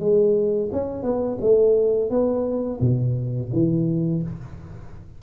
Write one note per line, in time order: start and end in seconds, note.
0.00 0.70 G#3
0.72 1.03 C#4
1.03 1.38 B3
1.41 2.10 A3
2.10 2.80 B3
2.81 3.51 B2
3.53 4.23 E3